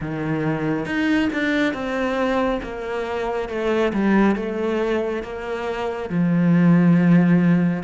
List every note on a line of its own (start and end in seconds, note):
0.00 0.85 D#3
0.85 1.29 D#4
1.32 1.73 D4
1.73 2.60 C4
2.62 3.48 A#3
3.48 3.92 A3
3.93 4.35 G3
4.35 5.22 A3
5.23 6.09 A#3
6.09 7.83 F3